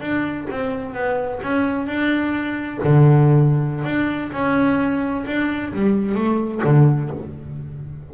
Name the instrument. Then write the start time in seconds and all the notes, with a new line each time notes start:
double bass
0.00 D4
0.50 C4
0.93 B3
1.42 C#4
1.86 D4
2.84 D3
3.84 D4
4.31 C#4
5.26 D4
5.73 G3
6.14 A3
6.64 D3